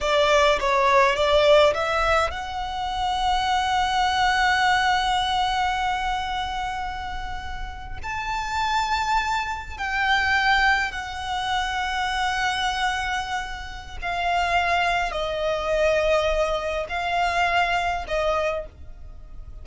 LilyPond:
\new Staff \with { instrumentName = "violin" } { \time 4/4 \tempo 4 = 103 d''4 cis''4 d''4 e''4 | fis''1~ | fis''1~ | fis''4.~ fis''16 a''2~ a''16~ |
a''8. g''2 fis''4~ fis''16~ | fis''1 | f''2 dis''2~ | dis''4 f''2 dis''4 | }